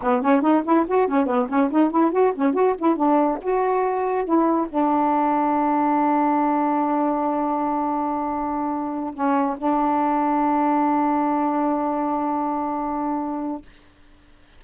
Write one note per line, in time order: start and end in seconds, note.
0.01 0.21 B3
0.21 0.41 C#4
0.41 0.62 D#4
0.64 0.85 E4
0.87 1.07 F#4
1.07 1.26 C#4
1.26 1.47 B3
1.49 1.70 C#4
1.71 1.90 D#4
1.90 2.11 E4
2.11 2.32 F#4
2.35 2.53 C#4
2.53 2.74 F#4
2.78 2.96 E4
2.96 3.38 D4
3.41 4.24 F#4
4.24 4.67 E4
4.68 9.14 D4
9.14 9.56 C#4
9.57 13.62 D4